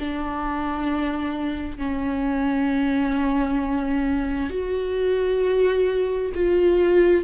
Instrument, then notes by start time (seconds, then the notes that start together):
viola
0.00 D4
1.79 C#4
4.50 F#4
6.34 F4